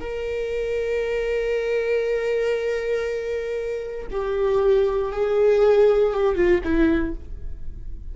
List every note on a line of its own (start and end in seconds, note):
0.00 4.07 A#4
4.10 5.12 G4
5.12 6.13 G#4
6.13 6.35 G4
6.35 6.61 F4
6.63 7.14 E4